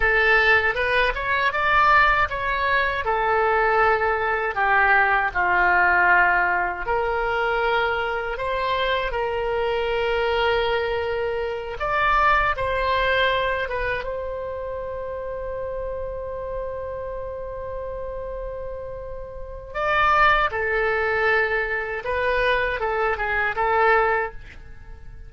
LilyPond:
\new Staff \with { instrumentName = "oboe" } { \time 4/4 \tempo 4 = 79 a'4 b'8 cis''8 d''4 cis''4 | a'2 g'4 f'4~ | f'4 ais'2 c''4 | ais'2.~ ais'8 d''8~ |
d''8 c''4. b'8 c''4.~ | c''1~ | c''2 d''4 a'4~ | a'4 b'4 a'8 gis'8 a'4 | }